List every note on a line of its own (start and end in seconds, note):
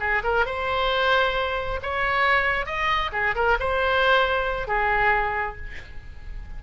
0.00 0.22 G#4
0.24 0.46 A#4
0.46 1.80 C5
1.83 2.66 C#5
2.66 3.11 D#5
3.13 3.35 G#4
3.35 3.58 A#4
3.60 4.68 C5
4.68 5.57 G#4